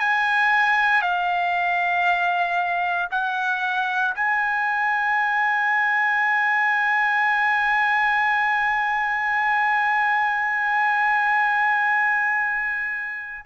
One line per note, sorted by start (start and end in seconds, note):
0.00 1.02 G#5
1.02 3.08 F5
3.11 4.14 F#5
4.15 13.45 G#5